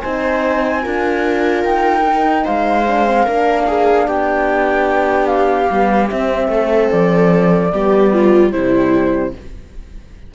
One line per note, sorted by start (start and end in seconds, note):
0.00 0.85 C4
0.00 0.80 D#4
0.00 0.82 C5
0.00 1.62 G#5
0.80 1.64 D4
0.80 2.02 F4
0.80 2.44 A#4
1.64 2.45 D#4
1.64 2.45 G5
2.05 2.86 D#4
2.44 3.27 G#3
2.44 3.23 C5
2.44 4.07 F5
2.87 3.06 D4
3.06 3.26 C4
3.23 4.07 A#3
3.23 5.69 D4
3.23 3.64 A#4
3.67 4.07 G#4
4.07 5.70 B3
4.07 6.50 G4
4.07 5.26 G5
5.26 6.07 F5
5.70 6.11 G3
5.70 6.08 B3
6.08 7.70 C4
6.08 6.48 C4
6.08 6.90 E5
6.48 6.88 A3
6.48 7.73 A4
6.91 7.72 F3
6.91 8.51 D5
7.72 8.53 G3
7.72 8.51 B3
7.72 8.13 G4
8.13 8.52 F4
8.51 9.34 C3
8.51 9.32 G3
8.51 9.33 E4
8.51 9.32 C5